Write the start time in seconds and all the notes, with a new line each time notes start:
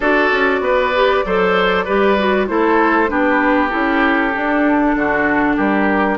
0.00 D4 F#4 A4 D5
0.31 C#4
0.60 B3 B4
0.94 G4
1.25 F#3 A4 C5
1.84 G3 G4 B4
2.18 F#4
2.47 A3 E4 A4 C5
3.07 B3 D4 G4 B4
3.69 C#4 E4 A4
4.34 D4
4.95 D3 F#4
5.56 G3 G4 A#4